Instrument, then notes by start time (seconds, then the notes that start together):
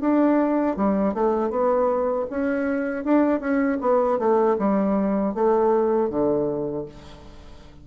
bassoon
0.00 D4
0.76 G3
1.14 A3
1.50 B3
2.30 C#4
3.04 D4
3.40 C#4
3.81 B3
4.19 A3
4.58 G3
5.34 A3
6.09 D3